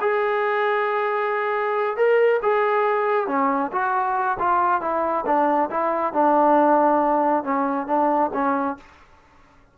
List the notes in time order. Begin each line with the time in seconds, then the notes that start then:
0.00 G#4
1.96 A#4
2.42 G#4
3.27 C#4
3.72 F#4
4.39 F4
4.81 E4
5.26 D4
5.70 E4
6.13 D4
7.43 C#4
7.87 D4
8.33 C#4